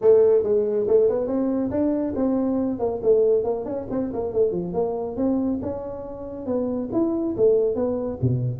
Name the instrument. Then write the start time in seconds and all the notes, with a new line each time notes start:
tuba
0.01 A3
0.43 G#3
0.87 A3
1.09 B3
1.27 C4
1.70 D4
2.15 C4
2.79 A#3
3.03 A3
3.44 A#3
3.65 C#4
3.90 C4
4.13 A#3
4.32 A3
4.51 F3
4.73 A#3
5.16 C4
5.61 C#4
6.46 B3
6.92 E4
7.36 A3
7.75 B3
8.21 B2